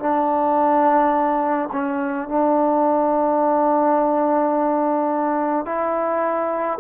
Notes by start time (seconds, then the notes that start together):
0.00 D4
1.72 C#4
2.29 D4
5.66 E4